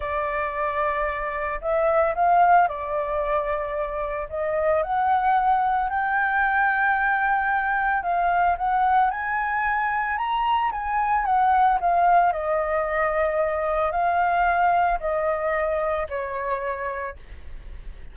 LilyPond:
\new Staff \with { instrumentName = "flute" } { \time 4/4 \tempo 4 = 112 d''2. e''4 | f''4 d''2. | dis''4 fis''2 g''4~ | g''2. f''4 |
fis''4 gis''2 ais''4 | gis''4 fis''4 f''4 dis''4~ | dis''2 f''2 | dis''2 cis''2 | }